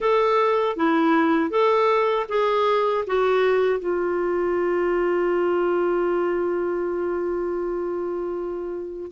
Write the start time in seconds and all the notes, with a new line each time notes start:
0.00 A4
0.76 E4
1.50 A4
2.28 G#4
3.06 F#4
3.79 F4